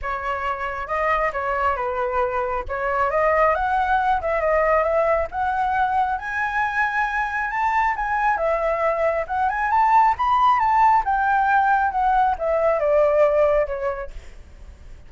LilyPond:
\new Staff \with { instrumentName = "flute" } { \time 4/4 \tempo 4 = 136 cis''2 dis''4 cis''4 | b'2 cis''4 dis''4 | fis''4. e''8 dis''4 e''4 | fis''2 gis''2~ |
gis''4 a''4 gis''4 e''4~ | e''4 fis''8 gis''8 a''4 b''4 | a''4 g''2 fis''4 | e''4 d''2 cis''4 | }